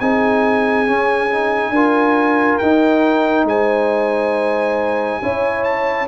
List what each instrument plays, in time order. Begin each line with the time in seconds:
0.00 tuba C4, trombone D#4, horn G#4, trumpet G#5
0.87 trombone C#4, tuba C#4
1.31 trombone D#4
1.70 tuba D4, trombone F4, horn A#4
2.59 tuba D#4, trombone D#4, trumpet G5
3.45 tuba G#3, horn C5, trumpet G#5
5.23 tuba C#4, trombone E4, horn C#5
5.64 trumpet A5